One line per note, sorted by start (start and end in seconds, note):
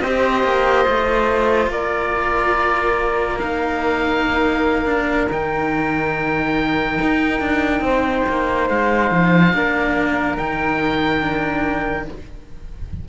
0.00 0.43 C4
0.00 0.85 G4
0.00 1.71 C5
0.00 1.69 D#5
0.43 0.85 A#3
0.85 1.67 A3
0.85 3.38 F4
1.67 5.26 A#3
1.67 7.84 A#4
1.67 3.39 D5
3.39 4.85 D#4
3.39 5.29 F5
4.85 5.27 D4
5.30 6.99 D#3
5.30 9.53 D#4
5.30 8.69 G5
7.01 7.40 D#4
7.40 7.80 D4
7.80 8.23 C4
7.80 9.54 C5
8.28 8.69 A#3
8.69 9.11 G#3
8.69 10.37 F5
9.11 9.53 F3
9.53 10.37 A#3
9.53 10.37 D4
9.53 12.08 A#4
10.37 12.08 D#3
10.37 11.20 D#4
10.37 12.06 G5
11.20 12.05 D4